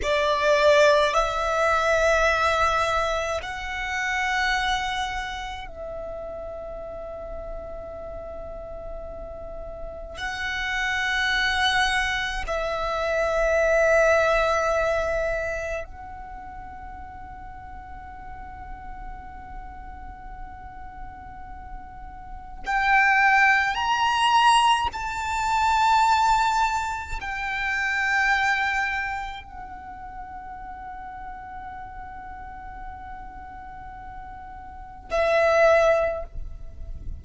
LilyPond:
\new Staff \with { instrumentName = "violin" } { \time 4/4 \tempo 4 = 53 d''4 e''2 fis''4~ | fis''4 e''2.~ | e''4 fis''2 e''4~ | e''2 fis''2~ |
fis''1 | g''4 ais''4 a''2 | g''2 fis''2~ | fis''2. e''4 | }